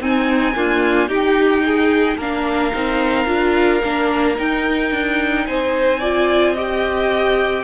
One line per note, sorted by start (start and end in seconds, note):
0.00 0.55 C4
0.00 0.55 D#4
0.00 1.08 G#5
0.55 1.08 A#3
0.55 1.07 D4
0.55 1.08 F4
1.07 2.16 D#4
1.07 2.17 D#4
1.07 1.63 G4
1.07 2.17 G5
1.65 2.17 G#4
2.17 2.72 A#3
2.17 2.72 D4
2.17 5.44 A#4
2.17 4.38 F5
2.72 3.26 C4
2.72 3.26 D#4
3.26 3.81 D4
3.26 3.80 F4
3.83 4.38 A#3
3.83 4.36 D4
4.36 5.99 D#4
4.36 4.91 D#4
4.36 5.46 G5
4.91 5.45 D4
5.46 7.63 C4
5.46 5.99 C5
5.46 6.55 G#5
5.99 6.56 F4
5.99 6.53 D5
6.53 7.63 G4
6.53 7.62 D#5
6.53 7.63 G5